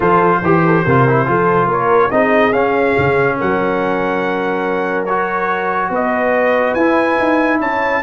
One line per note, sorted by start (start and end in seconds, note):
0.00 0.41 F3
0.00 0.42 F4
0.00 0.42 A4
0.00 1.70 C5
0.42 0.84 E3
0.42 0.65 G4
0.42 0.86 G4
0.65 0.84 A4
0.84 1.28 C3
0.84 1.08 F4
0.84 1.26 A#4
1.08 1.25 E4
1.25 1.66 F3
1.25 2.10 F4
1.25 1.68 A4
1.66 2.08 A#3
1.66 2.10 A#4
1.66 2.10 C#5
2.10 2.52 C4
2.10 2.52 D#4
2.10 3.37 G#4
2.10 2.52 D#5
2.52 2.94 C#4
2.52 5.07 C#4
2.52 3.37 F5
2.97 3.39 C#3
3.37 5.89 F#3
3.37 5.90 A#4
3.37 5.05 F#5
5.05 6.78 F#4
5.05 5.89 C#5
5.89 6.74 B3
5.89 7.60 B4
5.89 6.74 D#5
6.74 7.18 E4
6.74 8.03 E4
6.74 7.58 G#5
7.18 7.60 D#4
7.60 8.03 C#4
7.60 8.02 C#5
7.60 8.03 A5